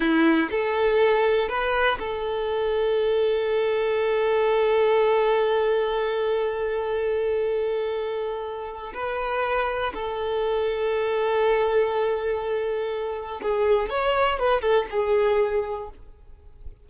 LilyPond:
\new Staff \with { instrumentName = "violin" } { \time 4/4 \tempo 4 = 121 e'4 a'2 b'4 | a'1~ | a'1~ | a'1~ |
a'2 b'2 | a'1~ | a'2. gis'4 | cis''4 b'8 a'8 gis'2 | }